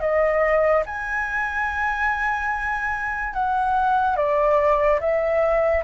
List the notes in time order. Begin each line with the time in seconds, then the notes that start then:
0.00 D#5
0.86 G#5
3.34 F#5
4.16 D5
5.00 E5